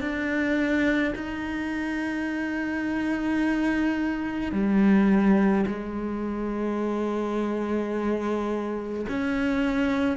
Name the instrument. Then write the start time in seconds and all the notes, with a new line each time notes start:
cello
0.00 D4
1.15 D#4
4.52 G3
5.66 G#3
9.08 C#4